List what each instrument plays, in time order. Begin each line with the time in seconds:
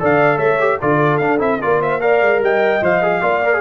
0.00 tuba D3, trombone A4, horn D5, trumpet F5
0.38 tuba A3, horn C#5, trumpet E5
0.60 trombone G4
0.81 tuba D3, trombone F4, horn A4, trumpet D5
1.18 tuba D4, trombone D4, trumpet F5
1.39 tuba C4, trombone E4, trumpet E5
1.62 tuba A#3, trombone F4, horn A#4, trumpet D5
1.81 horn C5, trumpet E5
2.00 trombone A#4, horn D5, trumpet F5
2.22 tuba G#3
2.40 tuba G3, horn D#5, trumpet G5
2.82 tuba F3, trombone C5, trumpet F5
3.03 trombone G#4
3.22 tuba A#3, trombone F4, horn D5
3.45 trombone A#4
3.54 trombone G#4